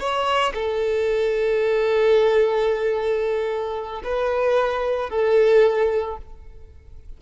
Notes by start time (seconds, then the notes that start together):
0.00 C#5
0.55 A4
4.04 B4
5.10 A4